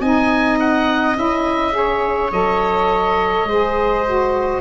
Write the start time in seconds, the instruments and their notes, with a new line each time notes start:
0.00 tuba C4, saxophone D#4, viola D#5, oboe G#5
0.59 oboe F#5
1.16 tuba C#4, saxophone E4, oboe E5
1.72 saxophone G#4
1.78 viola C#5
2.32 tuba F#3, saxophone A4, oboe D#5
3.45 tuba G#3, saxophone G#4, viola C5
4.06 saxophone F#4